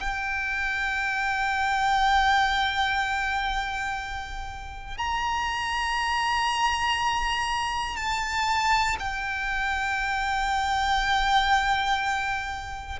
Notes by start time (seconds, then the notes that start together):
0.00 G5
4.97 A#5
7.96 A5
8.99 G5